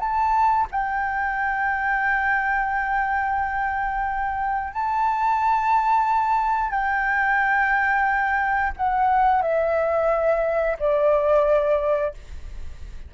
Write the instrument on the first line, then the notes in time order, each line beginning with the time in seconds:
flute
0.00 A5
0.71 G5
4.73 A5
6.70 G5
8.77 F#5
9.42 E5
10.79 D5